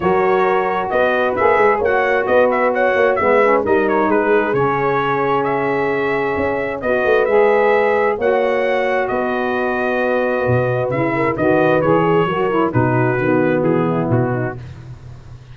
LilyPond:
<<
  \new Staff \with { instrumentName = "trumpet" } { \time 4/4 \tempo 4 = 132 cis''2 dis''4 e''4 | fis''4 dis''8 e''8 fis''4 e''4 | dis''8 cis''8 b'4 cis''2 | e''2. dis''4 |
e''2 fis''2 | dis''1 | e''4 dis''4 cis''2 | b'2 gis'4 fis'4 | }
  \new Staff \with { instrumentName = "horn" } { \time 4/4 ais'2 b'2 | cis''4 b'4 cis''4 b'4 | ais'4 gis'2.~ | gis'2. b'4~ |
b'2 cis''2 | b'1~ | b'8 ais'8 b'4. gis'8 ais'4 | fis'2~ fis'8 e'4 dis'8 | }
  \new Staff \with { instrumentName = "saxophone" } { \time 4/4 fis'2. gis'4 | fis'2. b8 cis'8 | dis'2 cis'2~ | cis'2. fis'4 |
gis'2 fis'2~ | fis'1 | e'4 fis'4 gis'4 fis'8 e'8 | dis'4 b2. | }
  \new Staff \with { instrumentName = "tuba" } { \time 4/4 fis2 b4 ais8 gis8 | ais4 b4. ais8 gis4 | g4 gis4 cis2~ | cis2 cis'4 b8 a8 |
gis2 ais2 | b2. b,4 | cis4 dis4 e4 fis4 | b,4 dis4 e4 b,4 | }
>>